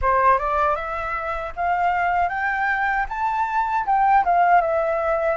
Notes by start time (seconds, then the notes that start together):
0.01 C5
0.38 D5
0.75 E5
1.56 F5
2.29 G5
3.08 A5
3.85 G5
4.24 F5
4.61 E5